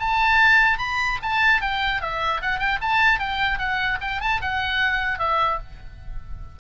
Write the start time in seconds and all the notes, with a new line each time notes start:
0.00 A5
0.79 B5
1.23 A5
1.62 G5
2.02 E5
2.42 F#5
2.59 G5
2.82 A5
3.20 G5
3.59 F#5
4.01 G5
4.21 A5
4.42 F#5
5.19 E5